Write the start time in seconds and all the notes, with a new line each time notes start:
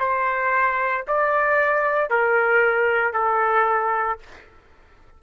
0.00 C5
1.08 D5
2.11 A#4
3.13 A4